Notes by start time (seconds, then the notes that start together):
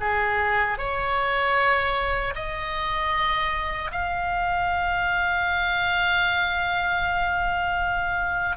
0.00 G#4
0.78 C#5
2.35 D#5
3.91 F5